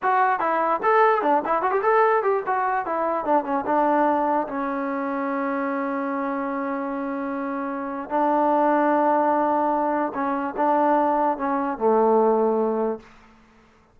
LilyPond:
\new Staff \with { instrumentName = "trombone" } { \time 4/4 \tempo 4 = 148 fis'4 e'4 a'4 d'8 e'8 | fis'16 g'16 a'4 g'8 fis'4 e'4 | d'8 cis'8 d'2 cis'4~ | cis'1~ |
cis'1 | d'1~ | d'4 cis'4 d'2 | cis'4 a2. | }